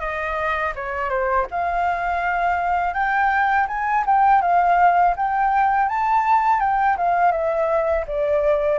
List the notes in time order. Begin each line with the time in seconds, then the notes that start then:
0.00 D#5
0.75 C#5
1.10 C5
1.51 F5
2.94 G5
3.68 G#5
4.06 G5
4.42 F5
5.17 G5
5.89 A5
6.60 G5
6.97 F5
7.32 E5
8.08 D5